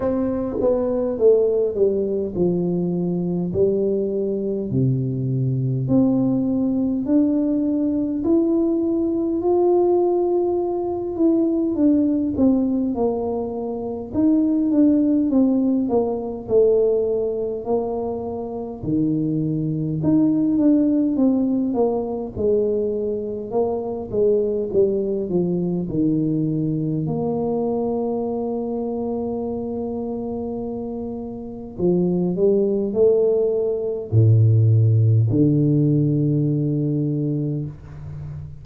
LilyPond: \new Staff \with { instrumentName = "tuba" } { \time 4/4 \tempo 4 = 51 c'8 b8 a8 g8 f4 g4 | c4 c'4 d'4 e'4 | f'4. e'8 d'8 c'8 ais4 | dis'8 d'8 c'8 ais8 a4 ais4 |
dis4 dis'8 d'8 c'8 ais8 gis4 | ais8 gis8 g8 f8 dis4 ais4~ | ais2. f8 g8 | a4 a,4 d2 | }